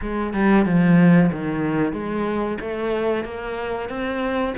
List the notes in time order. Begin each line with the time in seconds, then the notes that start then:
0.01 G#3
0.33 G3
0.65 F3
1.32 D#3
1.92 G#3
2.61 A3
3.24 A#3
3.89 C4